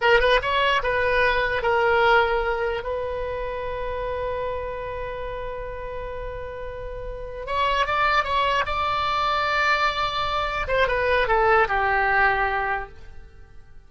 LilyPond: \new Staff \with { instrumentName = "oboe" } { \time 4/4 \tempo 4 = 149 ais'8 b'8 cis''4 b'2 | ais'2. b'4~ | b'1~ | b'1~ |
b'2~ b'8 cis''4 d''8~ | d''8 cis''4 d''2~ d''8~ | d''2~ d''8 c''8 b'4 | a'4 g'2. | }